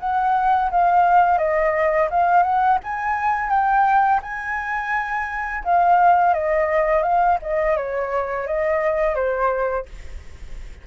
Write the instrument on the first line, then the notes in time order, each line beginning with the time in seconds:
flute
0.00 F#5
0.71 F5
1.39 D#5
2.11 F5
2.43 F#5
2.84 G#5
3.50 G5
4.23 G#5
5.64 F5
6.34 D#5
7.03 F5
7.42 D#5
7.77 C#5
8.47 D#5
9.15 C5